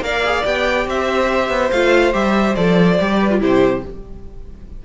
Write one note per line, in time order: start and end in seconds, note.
0.00 0.42 A#3
0.00 0.24 A#4
0.00 0.88 D5
0.00 0.45 F5
0.24 0.44 G#4
0.44 0.86 B3
0.44 1.71 G4
0.44 0.87 G5
0.86 1.49 C4
0.86 3.19 C5
0.86 1.71 E5
1.49 1.70 B3
1.71 2.13 A3
1.71 2.12 F4
1.71 2.13 F5
2.12 2.55 G3
2.12 2.54 G4
2.12 2.55 E5
2.55 2.99 F3
2.55 2.98 A4
2.55 3.40 D5
2.99 3.41 G3
2.99 3.31 G4
3.19 3.40 B4
3.31 3.39 F4
3.39 3.83 C3
3.39 3.81 E4
3.39 3.82 G4
3.39 3.84 C5